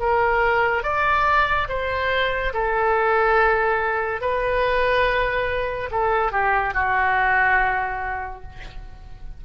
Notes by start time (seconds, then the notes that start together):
0.00 A#4
0.83 D5
1.68 C5
2.54 A4
4.21 B4
5.91 A4
6.31 G4
6.74 F#4